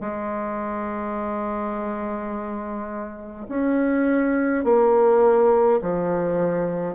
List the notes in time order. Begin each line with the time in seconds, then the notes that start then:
0.00 G#3
3.48 C#4
4.64 A#3
5.82 F3